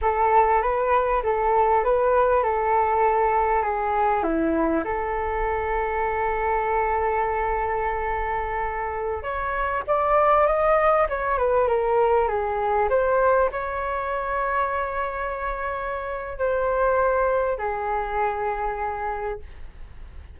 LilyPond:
\new Staff \with { instrumentName = "flute" } { \time 4/4 \tempo 4 = 99 a'4 b'4 a'4 b'4 | a'2 gis'4 e'4 | a'1~ | a'2.~ a'16 cis''8.~ |
cis''16 d''4 dis''4 cis''8 b'8 ais'8.~ | ais'16 gis'4 c''4 cis''4.~ cis''16~ | cis''2. c''4~ | c''4 gis'2. | }